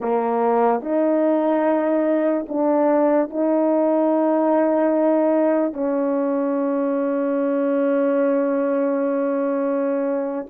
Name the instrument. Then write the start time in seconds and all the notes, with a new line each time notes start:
horn
0.00 A#3
0.81 D#4
2.48 D4
3.30 D#4
5.73 C#4